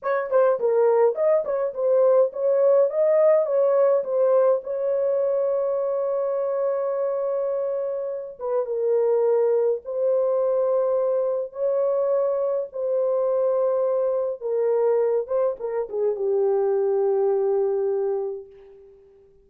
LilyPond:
\new Staff \with { instrumentName = "horn" } { \time 4/4 \tempo 4 = 104 cis''8 c''8 ais'4 dis''8 cis''8 c''4 | cis''4 dis''4 cis''4 c''4 | cis''1~ | cis''2~ cis''8 b'8 ais'4~ |
ais'4 c''2. | cis''2 c''2~ | c''4 ais'4. c''8 ais'8 gis'8 | g'1 | }